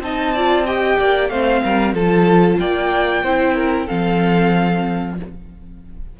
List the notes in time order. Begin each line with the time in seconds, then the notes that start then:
0.00 C4 D#4 D#5 A5
0.35 F4 D5
0.66 G4 D#5 G5
0.99 A#3 D5
1.29 A3 C4 C5 F5
1.63 G3 A#4
1.94 F3 F4 A4 A5
2.59 A#3 D5 G5
3.23 C4 E4 C5
3.55 A#4
3.86 F3 C4 A4 F5